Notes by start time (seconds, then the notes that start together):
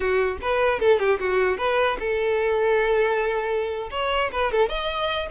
0.00 F#4
0.41 B4
0.79 A4
0.99 G4
1.19 F#4
1.57 B4
1.99 A4
3.90 C#5
4.31 B4
4.52 A4
4.69 D#5